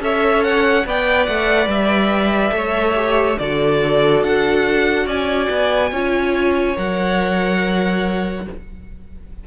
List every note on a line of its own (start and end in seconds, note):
0.00 0.85 C#4
0.00 0.85 A4
0.00 0.87 C#5
0.00 0.43 E5
0.43 0.85 F#5
0.85 1.27 B3
0.85 2.51 B4
0.85 2.55 D5
0.85 1.26 G5
1.26 1.66 A3
1.26 1.68 F#5
1.66 2.51 G3
1.66 3.39 E5
2.51 3.37 A3
2.51 2.93 A4
2.51 3.39 C#5
2.95 3.37 G4
3.39 4.22 D3
3.39 5.93 F#4
3.39 5.06 A4
3.39 4.23 D5
4.22 5.06 D4
4.22 5.08 F#5
5.06 5.48 C#4
5.06 5.90 D5
5.06 6.77 G#5
5.49 5.91 B3
5.91 6.76 C#4
5.91 6.76 F4
5.91 8.44 C#5
6.76 8.46 F#3
6.76 8.45 A#4
6.76 8.46 F#5